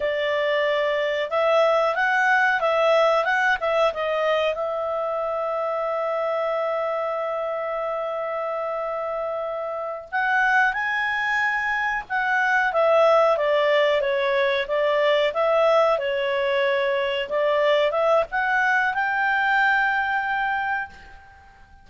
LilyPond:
\new Staff \with { instrumentName = "clarinet" } { \time 4/4 \tempo 4 = 92 d''2 e''4 fis''4 | e''4 fis''8 e''8 dis''4 e''4~ | e''1~ | e''2.~ e''8 fis''8~ |
fis''8 gis''2 fis''4 e''8~ | e''8 d''4 cis''4 d''4 e''8~ | e''8 cis''2 d''4 e''8 | fis''4 g''2. | }